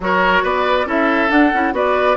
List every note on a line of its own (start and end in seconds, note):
0.00 0.42 F#3
0.00 0.85 F#4
0.00 0.43 A#4
0.00 0.45 C#5
0.43 0.85 B3
0.43 0.86 B4
0.43 0.88 D5
0.85 1.29 C#4
0.85 1.29 E4
0.85 1.74 A4
0.85 1.30 E5
1.29 1.51 D4
1.29 1.52 D4
1.29 1.73 F#5
1.53 1.72 C#4
1.53 1.72 E4
1.72 2.16 B3
1.72 2.16 F#4
1.72 2.16 B4
1.72 2.16 D5